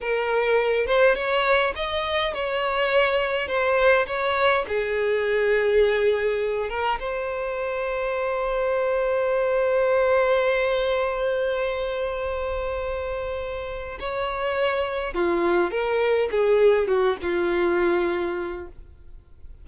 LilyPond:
\new Staff \with { instrumentName = "violin" } { \time 4/4 \tempo 4 = 103 ais'4. c''8 cis''4 dis''4 | cis''2 c''4 cis''4 | gis'2.~ gis'8 ais'8 | c''1~ |
c''1~ | c''1 | cis''2 f'4 ais'4 | gis'4 fis'8 f'2~ f'8 | }